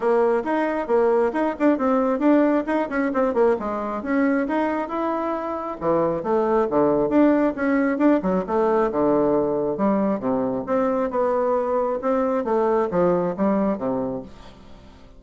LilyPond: \new Staff \with { instrumentName = "bassoon" } { \time 4/4 \tempo 4 = 135 ais4 dis'4 ais4 dis'8 d'8 | c'4 d'4 dis'8 cis'8 c'8 ais8 | gis4 cis'4 dis'4 e'4~ | e'4 e4 a4 d4 |
d'4 cis'4 d'8 fis8 a4 | d2 g4 c4 | c'4 b2 c'4 | a4 f4 g4 c4 | }